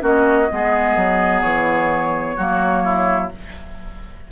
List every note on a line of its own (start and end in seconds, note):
0.00 0.49 A#3
0.00 0.47 C#4
0.00 0.49 F#4
0.00 1.41 D#5
0.51 0.96 G#3
0.51 2.38 B3
0.51 2.36 G#4
0.96 1.42 F#3
1.41 2.36 E3
1.41 3.29 C#5
2.36 3.31 F#3
2.36 3.31 A#3
2.36 2.83 F#4
2.84 3.31 E4